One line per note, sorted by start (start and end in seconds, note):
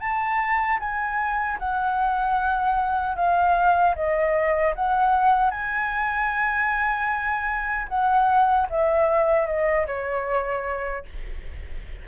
0.00 0.79 A5
0.79 1.58 G#5
1.59 3.16 F#5
3.16 3.95 F5
3.95 4.74 D#5
4.75 5.50 F#5
5.50 7.87 G#5
7.88 8.67 F#5
8.69 9.47 E5
9.47 9.86 D#5
9.87 11.05 C#5